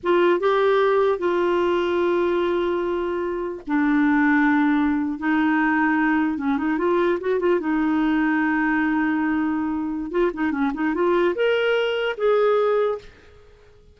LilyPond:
\new Staff \with { instrumentName = "clarinet" } { \time 4/4 \tempo 4 = 148 f'4 g'2 f'4~ | f'1~ | f'4 d'2.~ | d'8. dis'2. cis'16~ |
cis'16 dis'8 f'4 fis'8 f'8 dis'4~ dis'16~ | dis'1~ | dis'4 f'8 dis'8 cis'8 dis'8 f'4 | ais'2 gis'2 | }